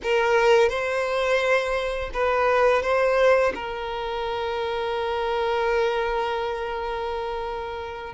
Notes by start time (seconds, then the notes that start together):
0.02 A#4
0.69 C5
2.13 B4
2.82 C5
3.54 A#4